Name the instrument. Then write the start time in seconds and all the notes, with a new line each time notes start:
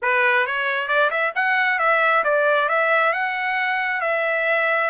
trumpet
0.02 B4
0.46 C#5
0.87 D5
1.10 E5
1.35 F#5
1.78 E5
2.24 D5
2.68 E5
3.13 F#5
4.00 E5